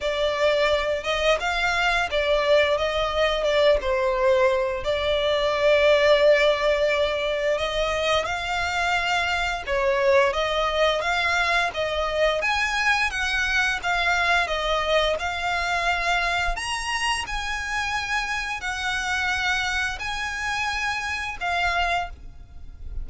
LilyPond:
\new Staff \with { instrumentName = "violin" } { \time 4/4 \tempo 4 = 87 d''4. dis''8 f''4 d''4 | dis''4 d''8 c''4. d''4~ | d''2. dis''4 | f''2 cis''4 dis''4 |
f''4 dis''4 gis''4 fis''4 | f''4 dis''4 f''2 | ais''4 gis''2 fis''4~ | fis''4 gis''2 f''4 | }